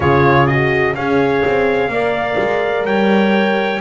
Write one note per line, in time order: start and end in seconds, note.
0.00 0.95 C#3
0.00 0.47 F4
0.00 0.96 G#4
0.00 0.46 C#5
0.46 0.94 F#4
0.46 0.94 D#5
0.95 1.43 C#4
0.95 1.92 G#4
0.95 1.91 C#5
0.95 2.85 F5
1.45 1.88 C4
1.88 2.36 A#3
1.88 3.80 A#4
1.88 2.86 D5
2.37 2.85 G#3
2.85 3.80 G3
2.85 3.80 C#5
2.85 3.80 G5